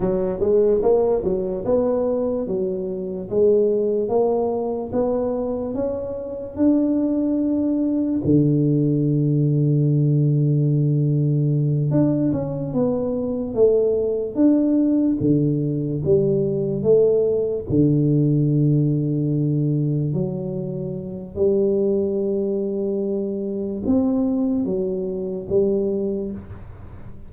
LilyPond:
\new Staff \with { instrumentName = "tuba" } { \time 4/4 \tempo 4 = 73 fis8 gis8 ais8 fis8 b4 fis4 | gis4 ais4 b4 cis'4 | d'2 d2~ | d2~ d8 d'8 cis'8 b8~ |
b8 a4 d'4 d4 g8~ | g8 a4 d2~ d8~ | d8 fis4. g2~ | g4 c'4 fis4 g4 | }